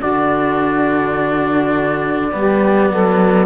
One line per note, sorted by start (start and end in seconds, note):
0.00 2.34 D3
0.00 2.32 D4
0.00 2.31 F#4
0.00 3.46 D5
2.32 2.91 G3
2.32 3.46 B3
2.32 2.92 G4
2.91 3.46 F#3
2.91 3.46 A4